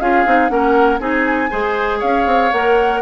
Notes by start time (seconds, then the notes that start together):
0.00 C#4 F4 G#4 F5
0.26 C4 D#4
0.49 A#3 C#4 A#4 F#5
1.00 C4 D#4 G#4 G#5
1.51 G#3 G#4 C5
1.99 C#4 C#5 F5
2.26 C4
2.52 A#3 A#4 F#5